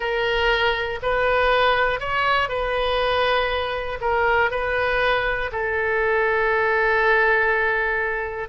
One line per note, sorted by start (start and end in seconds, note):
0.00 0.99 A#4
1.02 2.00 B4
2.00 2.48 C#5
2.48 3.98 B4
4.00 4.50 A#4
4.50 5.50 B4
5.52 8.48 A4